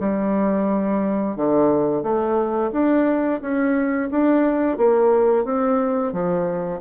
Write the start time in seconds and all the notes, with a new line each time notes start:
0.00 G3
1.36 D3
2.03 A3
2.73 D4
3.42 C#4
4.12 D4
4.78 A#3
5.45 C4
6.13 F3